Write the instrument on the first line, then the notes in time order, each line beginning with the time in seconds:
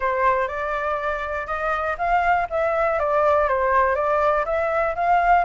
flute
0.00 C5
0.48 D5
1.47 D#5
1.98 F5
2.50 E5
2.99 D5
3.48 C5
3.95 D5
4.45 E5
4.95 F5